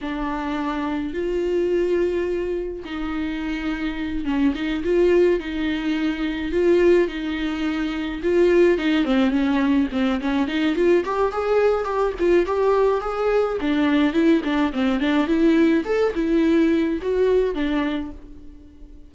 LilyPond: \new Staff \with { instrumentName = "viola" } { \time 4/4 \tempo 4 = 106 d'2 f'2~ | f'4 dis'2~ dis'8 cis'8 | dis'8 f'4 dis'2 f'8~ | f'8 dis'2 f'4 dis'8 |
c'8 cis'4 c'8 cis'8 dis'8 f'8 g'8 | gis'4 g'8 f'8 g'4 gis'4 | d'4 e'8 d'8 c'8 d'8 e'4 | a'8 e'4. fis'4 d'4 | }